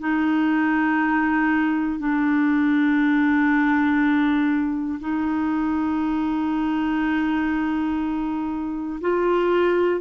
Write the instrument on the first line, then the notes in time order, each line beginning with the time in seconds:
clarinet
0.00 D#4
2.00 D4
5.01 D#4
9.01 F4